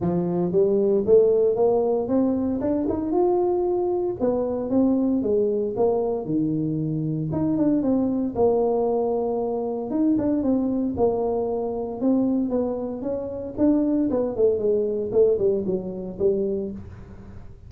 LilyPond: \new Staff \with { instrumentName = "tuba" } { \time 4/4 \tempo 4 = 115 f4 g4 a4 ais4 | c'4 d'8 dis'8 f'2 | b4 c'4 gis4 ais4 | dis2 dis'8 d'8 c'4 |
ais2. dis'8 d'8 | c'4 ais2 c'4 | b4 cis'4 d'4 b8 a8 | gis4 a8 g8 fis4 g4 | }